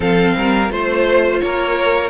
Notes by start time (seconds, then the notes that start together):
0.00 F3 C4 A4 F5
0.36 G3 A#4
0.68 A3 F4 C5
1.40 A#3 A#4 C#5